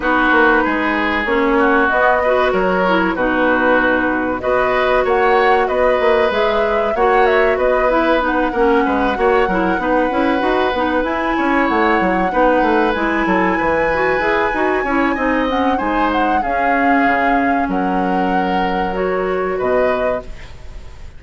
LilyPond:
<<
  \new Staff \with { instrumentName = "flute" } { \time 4/4 \tempo 4 = 95 b'2 cis''4 dis''4 | cis''4 b'2 dis''4 | fis''4 dis''4 e''4 fis''8 e''8 | dis''8 e''8 fis''2.~ |
fis''4. gis''4 fis''4.~ | fis''8 gis''2.~ gis''8~ | gis''8 fis''8 gis''8 fis''8 f''2 | fis''2 cis''4 dis''4 | }
  \new Staff \with { instrumentName = "oboe" } { \time 4/4 fis'4 gis'4. fis'4 b'8 | ais'4 fis'2 b'4 | cis''4 b'2 cis''4 | b'4. ais'8 b'8 cis''8 ais'8 b'8~ |
b'2 cis''4. b'8~ | b'4 a'8 b'2 cis''8 | dis''4 c''4 gis'2 | ais'2. b'4 | }
  \new Staff \with { instrumentName = "clarinet" } { \time 4/4 dis'2 cis'4 b8 fis'8~ | fis'8 e'8 dis'2 fis'4~ | fis'2 gis'4 fis'4~ | fis'8 e'8 dis'8 cis'4 fis'8 e'8 dis'8 |
e'8 fis'8 dis'8 e'2 dis'8~ | dis'8 e'4. fis'8 gis'8 fis'8 e'8 | dis'8 cis'8 dis'4 cis'2~ | cis'2 fis'2 | }
  \new Staff \with { instrumentName = "bassoon" } { \time 4/4 b8 ais8 gis4 ais4 b4 | fis4 b,2 b4 | ais4 b8 ais8 gis4 ais4 | b4. ais8 gis8 ais8 fis8 b8 |
cis'8 dis'8 b8 e'8 cis'8 a8 fis8 b8 | a8 gis8 fis8 e4 e'8 dis'8 cis'8 | c'4 gis4 cis'4 cis4 | fis2. b,4 | }
>>